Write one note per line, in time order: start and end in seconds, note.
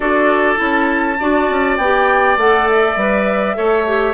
0.00 0.59 D4
0.00 0.56 F#4
0.00 1.17 A4
0.00 0.59 D5
0.56 1.19 C#4
0.56 1.15 E4
0.56 1.77 A5
1.19 1.49 D4
1.19 1.79 F#4
1.19 3.57 D5
1.49 1.77 C#4
1.77 2.37 B3
1.77 2.38 G4
1.77 2.36 G5
2.37 2.96 A3
2.37 2.98 A4
2.37 2.68 F#5
2.69 4.14 E5
2.96 3.56 G3
2.96 3.55 B4
3.55 4.14 A3
3.55 3.85 A4
3.55 4.14 C#5
3.87 4.14 G4